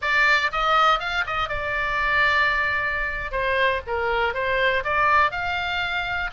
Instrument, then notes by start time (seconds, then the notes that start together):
oboe
0.01 D5
0.52 D#5
0.99 F5
1.26 D#5
1.48 D5
3.31 C5
3.87 A#4
4.34 C5
4.84 D5
5.31 F5